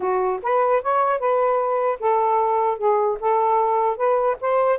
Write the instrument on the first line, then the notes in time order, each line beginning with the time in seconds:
saxophone
0.00 F#4
0.42 B4
0.82 C#5
1.19 B4
1.99 A4
2.78 G#4
3.20 A4
3.97 B4
4.40 C5